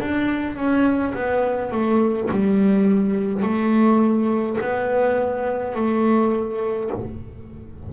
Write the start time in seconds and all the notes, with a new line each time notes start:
0.00 D4
0.56 C#4
1.14 B3
1.72 A3
2.31 G3
3.43 A3
4.60 B3
5.75 A3